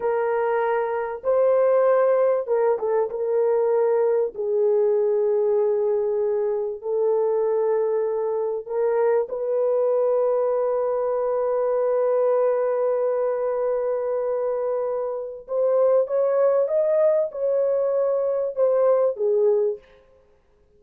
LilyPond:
\new Staff \with { instrumentName = "horn" } { \time 4/4 \tempo 4 = 97 ais'2 c''2 | ais'8 a'8 ais'2 gis'4~ | gis'2. a'4~ | a'2 ais'4 b'4~ |
b'1~ | b'1~ | b'4 c''4 cis''4 dis''4 | cis''2 c''4 gis'4 | }